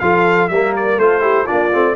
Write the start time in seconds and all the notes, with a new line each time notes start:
0.00 F3 F4 A4 F5
0.49 G3 A#3 A#4 E5
0.76 D5
0.97 A3 F4 A4 C5
1.22 E4 G4
1.45 D4 F4 D5
1.52 A#3
1.74 A3 C4